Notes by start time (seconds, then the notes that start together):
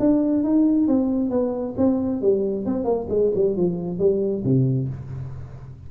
0.00 D4
0.44 D#4
0.88 C4
1.30 B3
1.77 C4
2.22 G3
2.66 C4
2.85 A#3
3.09 G#3
3.35 G3
3.57 F3
3.99 G3
4.44 C3